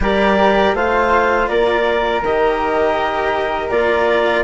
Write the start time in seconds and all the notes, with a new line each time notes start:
0.00 G3 G4 A#4 D5
0.73 A3 F4 C5 F5
1.48 A#3 A#4 D5
2.22 D#3 G4 D#5
3.69 A#3 F4 D5